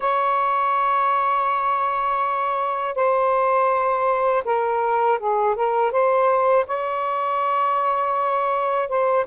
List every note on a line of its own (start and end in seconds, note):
0.00 2.95 C#5
2.95 4.43 C5
4.44 5.18 A#4
5.18 5.55 G#4
5.55 5.91 A#4
5.91 6.65 C5
6.66 8.88 C#5
8.88 9.25 C5